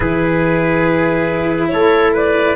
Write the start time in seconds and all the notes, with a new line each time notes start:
0.00 E3 E4 G#4 B4
1.68 A3 A4 C#5
2.13 B4 D5